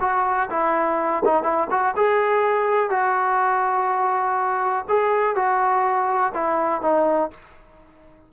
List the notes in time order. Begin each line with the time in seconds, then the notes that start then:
0.00 F#4
0.50 E4
1.24 D#4
1.43 E4
1.70 F#4
1.96 G#4
2.90 F#4
4.88 G#4
5.35 F#4
6.34 E4
6.81 D#4